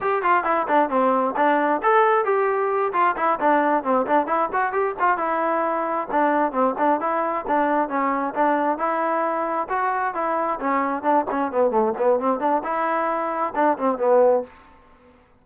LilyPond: \new Staff \with { instrumentName = "trombone" } { \time 4/4 \tempo 4 = 133 g'8 f'8 e'8 d'8 c'4 d'4 | a'4 g'4. f'8 e'8 d'8~ | d'8 c'8 d'8 e'8 fis'8 g'8 f'8 e'8~ | e'4. d'4 c'8 d'8 e'8~ |
e'8 d'4 cis'4 d'4 e'8~ | e'4. fis'4 e'4 cis'8~ | cis'8 d'8 cis'8 b8 a8 b8 c'8 d'8 | e'2 d'8 c'8 b4 | }